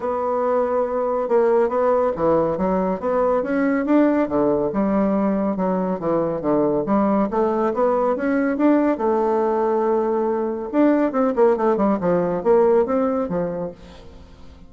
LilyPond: \new Staff \with { instrumentName = "bassoon" } { \time 4/4 \tempo 4 = 140 b2. ais4 | b4 e4 fis4 b4 | cis'4 d'4 d4 g4~ | g4 fis4 e4 d4 |
g4 a4 b4 cis'4 | d'4 a2.~ | a4 d'4 c'8 ais8 a8 g8 | f4 ais4 c'4 f4 | }